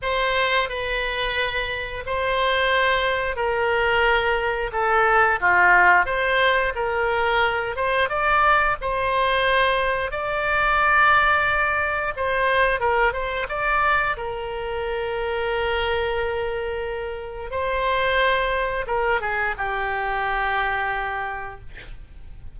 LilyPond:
\new Staff \with { instrumentName = "oboe" } { \time 4/4 \tempo 4 = 89 c''4 b'2 c''4~ | c''4 ais'2 a'4 | f'4 c''4 ais'4. c''8 | d''4 c''2 d''4~ |
d''2 c''4 ais'8 c''8 | d''4 ais'2.~ | ais'2 c''2 | ais'8 gis'8 g'2. | }